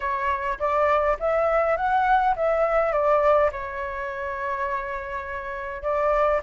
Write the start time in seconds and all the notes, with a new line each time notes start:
0.00 C#5
0.59 D5
1.19 E5
1.76 F#5
2.36 E5
2.92 D5
3.52 C#5
5.82 D5